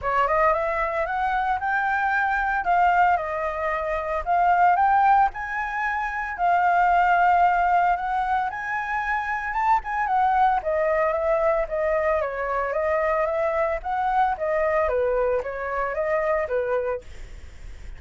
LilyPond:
\new Staff \with { instrumentName = "flute" } { \time 4/4 \tempo 4 = 113 cis''8 dis''8 e''4 fis''4 g''4~ | g''4 f''4 dis''2 | f''4 g''4 gis''2 | f''2. fis''4 |
gis''2 a''8 gis''8 fis''4 | dis''4 e''4 dis''4 cis''4 | dis''4 e''4 fis''4 dis''4 | b'4 cis''4 dis''4 b'4 | }